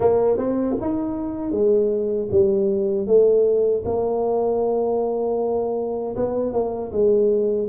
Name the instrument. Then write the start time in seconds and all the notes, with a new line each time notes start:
tuba
0.00 A#3
0.37 C4
0.80 D#4
1.51 G#3
2.31 G3
3.06 A3
3.85 A#3
6.16 B3
6.52 A#3
6.92 G#3